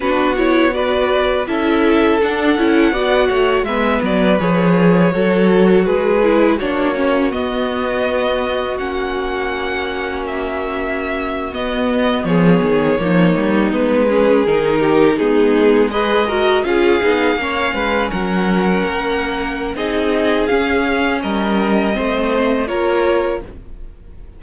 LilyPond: <<
  \new Staff \with { instrumentName = "violin" } { \time 4/4 \tempo 4 = 82 b'8 cis''8 d''4 e''4 fis''4~ | fis''4 e''8 d''8 cis''2 | b'4 cis''4 dis''2 | fis''2 e''4.~ e''16 dis''16~ |
dis''8. cis''2 b'4 ais'16~ | ais'8. gis'4 dis''4 f''4~ f''16~ | f''8. fis''2~ fis''16 dis''4 | f''4 dis''2 cis''4 | }
  \new Staff \with { instrumentName = "violin" } { \time 4/4 fis'4 b'4 a'2 | d''8 cis''8 b'2 a'4 | gis'4 fis'2.~ | fis'1~ |
fis'8. gis'4 dis'4. gis'8.~ | gis'16 g'8 dis'4 b'8 ais'8 gis'4 cis''16~ | cis''16 b'8 ais'2~ ais'16 gis'4~ | gis'4 ais'4 c''4 ais'4 | }
  \new Staff \with { instrumentName = "viola" } { \time 4/4 d'8 e'8 fis'4 e'4 d'8 e'8 | fis'4 b4 gis'4 fis'4~ | fis'8 e'8 d'8 cis'8 b2 | cis'2.~ cis'8. b16~ |
b4.~ b16 ais4 b8 cis'8 dis'16~ | dis'8. b4 gis'8 fis'8 f'8 dis'8 cis'16~ | cis'2. dis'4 | cis'2 c'4 f'4 | }
  \new Staff \with { instrumentName = "cello" } { \time 4/4 b2 cis'4 d'8 cis'8 | b8 a8 gis8 fis8 f4 fis4 | gis4 ais4 b2 | ais2.~ ais8. b16~ |
b8. f8 dis8 f8 g8 gis4 dis16~ | dis8. gis2 cis'8 b8 ais16~ | ais16 gis8 fis4 ais4~ ais16 c'4 | cis'4 g4 a4 ais4 | }
>>